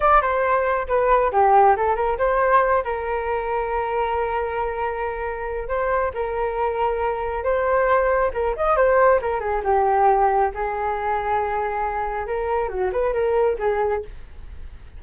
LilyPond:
\new Staff \with { instrumentName = "flute" } { \time 4/4 \tempo 4 = 137 d''8 c''4. b'4 g'4 | a'8 ais'8 c''4. ais'4.~ | ais'1~ | ais'4 c''4 ais'2~ |
ais'4 c''2 ais'8 dis''8 | c''4 ais'8 gis'8 g'2 | gis'1 | ais'4 fis'8 b'8 ais'4 gis'4 | }